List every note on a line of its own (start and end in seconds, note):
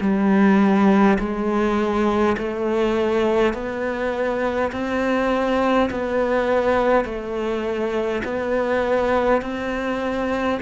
0.00 1.18 G3
1.18 2.36 G#3
2.37 3.53 A3
3.53 4.71 B3
4.72 5.89 C4
5.90 7.04 B3
7.04 8.22 A3
8.24 9.41 B3
9.41 10.59 C4